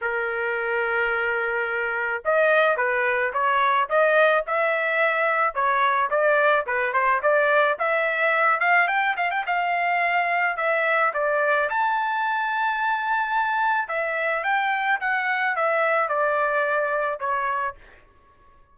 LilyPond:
\new Staff \with { instrumentName = "trumpet" } { \time 4/4 \tempo 4 = 108 ais'1 | dis''4 b'4 cis''4 dis''4 | e''2 cis''4 d''4 | b'8 c''8 d''4 e''4. f''8 |
g''8 f''16 g''16 f''2 e''4 | d''4 a''2.~ | a''4 e''4 g''4 fis''4 | e''4 d''2 cis''4 | }